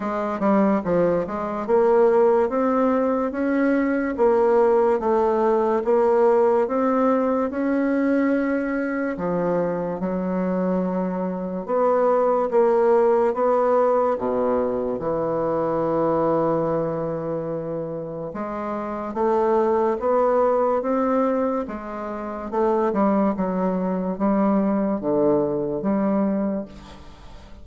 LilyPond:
\new Staff \with { instrumentName = "bassoon" } { \time 4/4 \tempo 4 = 72 gis8 g8 f8 gis8 ais4 c'4 | cis'4 ais4 a4 ais4 | c'4 cis'2 f4 | fis2 b4 ais4 |
b4 b,4 e2~ | e2 gis4 a4 | b4 c'4 gis4 a8 g8 | fis4 g4 d4 g4 | }